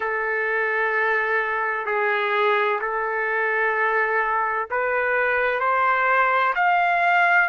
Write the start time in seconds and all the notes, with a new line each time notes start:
0.00 A4
1.86 G#4
2.81 A4
4.70 B4
5.60 C5
6.55 F5